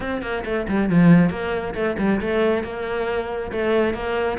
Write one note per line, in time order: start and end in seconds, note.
0.00 0.21 C4
0.22 0.44 A#3
0.45 0.66 A3
0.68 0.89 G3
0.89 1.30 F3
1.30 1.74 A#3
1.74 1.96 A3
1.98 2.20 G3
2.21 2.63 A3
2.63 3.51 A#3
3.51 3.94 A3
3.94 4.38 A#3